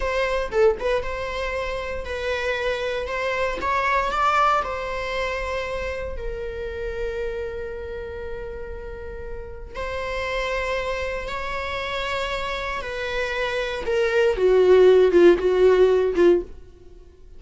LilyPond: \new Staff \with { instrumentName = "viola" } { \time 4/4 \tempo 4 = 117 c''4 a'8 b'8 c''2 | b'2 c''4 cis''4 | d''4 c''2. | ais'1~ |
ais'2. c''4~ | c''2 cis''2~ | cis''4 b'2 ais'4 | fis'4. f'8 fis'4. f'8 | }